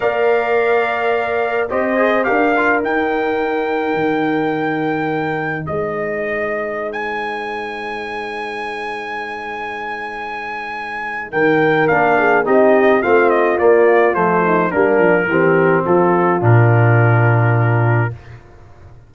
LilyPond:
<<
  \new Staff \with { instrumentName = "trumpet" } { \time 4/4 \tempo 4 = 106 f''2. dis''4 | f''4 g''2.~ | g''2 dis''2~ | dis''16 gis''2.~ gis''8.~ |
gis''1 | g''4 f''4 dis''4 f''8 dis''8 | d''4 c''4 ais'2 | a'4 ais'2. | }
  \new Staff \with { instrumentName = "horn" } { \time 4/4 d''2. c''4 | ais'1~ | ais'2 c''2~ | c''1~ |
c''1 | ais'4. gis'8 g'4 f'4~ | f'4. dis'8 d'4 g'4 | f'1 | }
  \new Staff \with { instrumentName = "trombone" } { \time 4/4 ais'2. g'8 gis'8 | g'8 f'8 dis'2.~ | dis'1~ | dis'1~ |
dis'1~ | dis'4 d'4 dis'4 c'4 | ais4 a4 ais4 c'4~ | c'4 d'2. | }
  \new Staff \with { instrumentName = "tuba" } { \time 4/4 ais2. c'4 | d'4 dis'2 dis4~ | dis2 gis2~ | gis1~ |
gis1 | dis4 ais4 c'4 a4 | ais4 f4 g8 f8 e4 | f4 ais,2. | }
>>